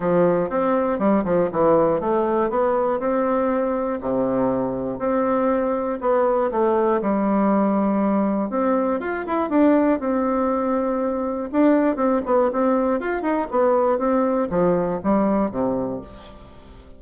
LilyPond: \new Staff \with { instrumentName = "bassoon" } { \time 4/4 \tempo 4 = 120 f4 c'4 g8 f8 e4 | a4 b4 c'2 | c2 c'2 | b4 a4 g2~ |
g4 c'4 f'8 e'8 d'4 | c'2. d'4 | c'8 b8 c'4 f'8 dis'8 b4 | c'4 f4 g4 c4 | }